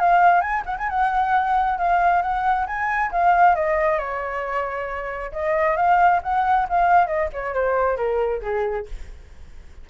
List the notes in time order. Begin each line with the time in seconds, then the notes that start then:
0.00 F5
0.41 G#5
0.66 F#5
0.78 G#5
0.89 F#5
1.78 F5
2.22 F#5
2.67 G#5
3.12 F5
3.55 D#5
3.99 C#5
5.32 D#5
5.77 F5
6.23 F#5
6.69 F5
7.07 D#5
7.33 C#5
7.54 C5
7.97 A#4
8.42 G#4